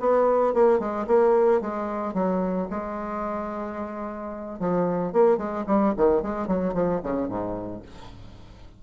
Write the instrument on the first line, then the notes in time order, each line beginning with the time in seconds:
bassoon
0.00 B3
0.54 A#3
0.80 G#3
1.08 A#3
1.62 G#3
2.14 F#3
2.71 G#3
4.60 F3
5.13 A#3
5.38 G#3
5.67 G3
5.97 D#3
6.23 G#3
6.48 F#3
6.74 F3
7.03 C#3
7.29 G#2